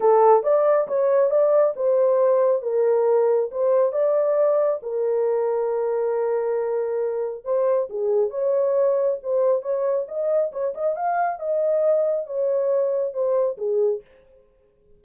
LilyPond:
\new Staff \with { instrumentName = "horn" } { \time 4/4 \tempo 4 = 137 a'4 d''4 cis''4 d''4 | c''2 ais'2 | c''4 d''2 ais'4~ | ais'1~ |
ais'4 c''4 gis'4 cis''4~ | cis''4 c''4 cis''4 dis''4 | cis''8 dis''8 f''4 dis''2 | cis''2 c''4 gis'4 | }